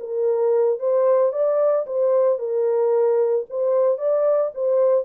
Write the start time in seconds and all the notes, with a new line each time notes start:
0.00 A#4
0.79 C5
1.33 D5
1.86 C5
2.39 A#4
3.49 C5
3.98 D5
4.54 C5